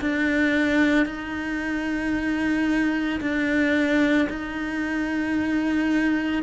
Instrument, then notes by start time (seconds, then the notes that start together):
cello
0.00 D4
1.06 D#4
3.20 D4
4.29 D#4